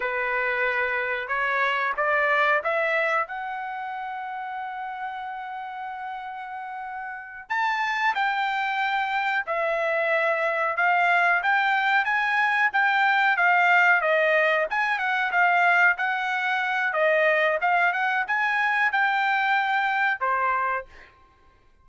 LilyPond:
\new Staff \with { instrumentName = "trumpet" } { \time 4/4 \tempo 4 = 92 b'2 cis''4 d''4 | e''4 fis''2.~ | fis''2.~ fis''8 a''8~ | a''8 g''2 e''4.~ |
e''8 f''4 g''4 gis''4 g''8~ | g''8 f''4 dis''4 gis''8 fis''8 f''8~ | f''8 fis''4. dis''4 f''8 fis''8 | gis''4 g''2 c''4 | }